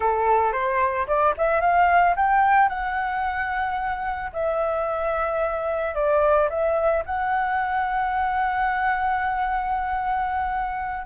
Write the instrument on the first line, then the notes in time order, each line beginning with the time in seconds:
flute
0.00 A4
0.52 C5
1.07 D5
1.37 E5
1.60 F5
2.15 G5
2.69 F#5
4.32 E5
5.95 D5
6.49 E5
7.05 F#5